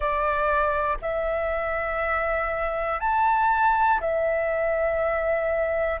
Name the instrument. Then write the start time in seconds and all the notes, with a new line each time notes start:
flute
0.00 D5
1.01 E5
3.00 A5
4.00 E5